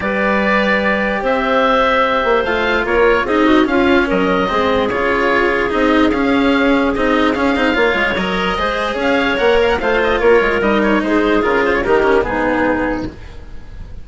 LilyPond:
<<
  \new Staff \with { instrumentName = "oboe" } { \time 4/4 \tempo 4 = 147 d''2. e''4~ | e''2 f''4 cis''4 | dis''4 f''4 dis''2 | cis''2 dis''4 f''4~ |
f''4 dis''4 f''2 | dis''2 f''4 fis''8 f''16 fis''16 | f''8 dis''8 cis''4 dis''8 cis''8 c''4 | ais'8 c''16 cis''16 ais'4 gis'2 | }
  \new Staff \with { instrumentName = "clarinet" } { \time 4/4 b'2. c''4~ | c''2. ais'4 | gis'8 fis'8 f'4 ais'4 gis'4~ | gis'1~ |
gis'2. cis''4~ | cis''4 c''4 cis''2 | c''4 ais'2 gis'4~ | gis'4 g'4 dis'2 | }
  \new Staff \with { instrumentName = "cello" } { \time 4/4 g'1~ | g'2 f'2 | dis'4 cis'2 c'4 | f'2 dis'4 cis'4~ |
cis'4 dis'4 cis'8 dis'8 f'4 | ais'4 gis'2 ais'4 | f'2 dis'2 | f'4 dis'8 cis'8 b2 | }
  \new Staff \with { instrumentName = "bassoon" } { \time 4/4 g2. c'4~ | c'4. ais8 a4 ais4 | c'4 cis'4 fis4 gis4 | cis2 c'4 cis'4~ |
cis'4 c'4 cis'8 c'8 ais8 gis8 | fis4 gis4 cis'4 ais4 | a4 ais8 gis8 g4 gis4 | cis4 dis4 gis,2 | }
>>